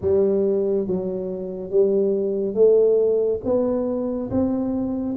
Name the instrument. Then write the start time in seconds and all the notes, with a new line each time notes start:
tuba
0.01 G3
0.87 F#3
1.70 G3
2.54 A3
3.44 B3
4.30 C4